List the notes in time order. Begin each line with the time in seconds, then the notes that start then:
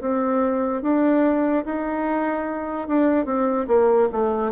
0.00 C4
0.82 D4
1.65 D#4
2.87 D4
3.25 C4
3.67 A#3
4.12 A3